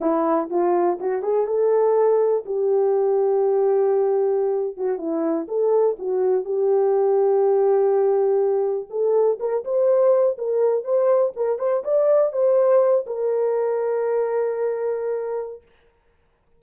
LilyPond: \new Staff \with { instrumentName = "horn" } { \time 4/4 \tempo 4 = 123 e'4 f'4 fis'8 gis'8 a'4~ | a'4 g'2.~ | g'4.~ g'16 fis'8 e'4 a'8.~ | a'16 fis'4 g'2~ g'8.~ |
g'2~ g'16 a'4 ais'8 c''16~ | c''4~ c''16 ais'4 c''4 ais'8 c''16~ | c''16 d''4 c''4. ais'4~ ais'16~ | ais'1 | }